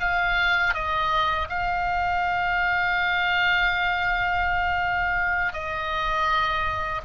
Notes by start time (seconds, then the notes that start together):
0.00 F5
0.74 D#5
1.49 F5
5.53 D#5